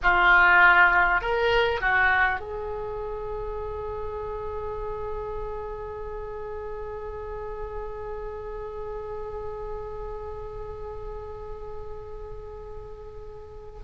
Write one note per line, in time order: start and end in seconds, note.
0.02 1.21 F4
1.21 1.81 A#4
1.81 2.39 F#4
2.39 13.79 G#4